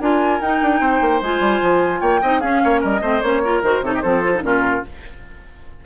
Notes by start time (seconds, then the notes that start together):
0.00 D4 F4 A#4 G#5
0.41 D#4 G5
0.62 D4
0.80 C4 C5
1.01 A#3
1.22 G#3 F4 G#5
1.40 G3
1.62 F3
2.00 A#3 C#5 G5
2.22 C4 D#4 D#5
2.40 C#4 G#4 F5
2.64 A#3 C#5
2.81 G3 A#4 D#5
3.02 A3 C4 C5
3.22 A#3 C#4 C#5
3.44 F4 A#4
3.63 D#3 F#4 C5
3.82 C3 D#4 A4 C#5
3.94 G4 D#5
4.01 F3 C4 A4 C5
4.24 F4
4.35 D#4
4.43 A#2 C#4 F4 A#4